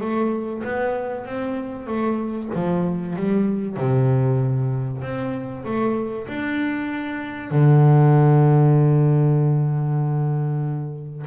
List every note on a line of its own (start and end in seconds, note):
0.00 0.62 A3
0.64 1.26 B3
1.26 1.87 C4
1.87 2.49 A3
2.54 3.16 F3
3.16 3.77 G3
3.77 5.02 C3
5.02 5.64 C4
5.64 6.27 A3
6.27 7.51 D4
7.51 11.26 D3